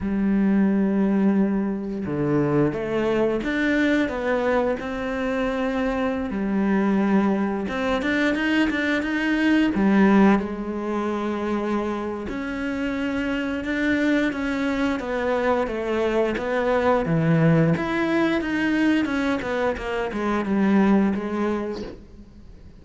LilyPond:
\new Staff \with { instrumentName = "cello" } { \time 4/4 \tempo 4 = 88 g2. d4 | a4 d'4 b4 c'4~ | c'4~ c'16 g2 c'8 d'16~ | d'16 dis'8 d'8 dis'4 g4 gis8.~ |
gis2 cis'2 | d'4 cis'4 b4 a4 | b4 e4 e'4 dis'4 | cis'8 b8 ais8 gis8 g4 gis4 | }